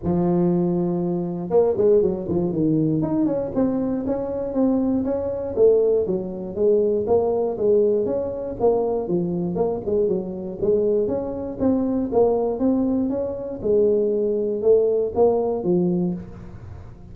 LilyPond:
\new Staff \with { instrumentName = "tuba" } { \time 4/4 \tempo 4 = 119 f2. ais8 gis8 | fis8 f8 dis4 dis'8 cis'8 c'4 | cis'4 c'4 cis'4 a4 | fis4 gis4 ais4 gis4 |
cis'4 ais4 f4 ais8 gis8 | fis4 gis4 cis'4 c'4 | ais4 c'4 cis'4 gis4~ | gis4 a4 ais4 f4 | }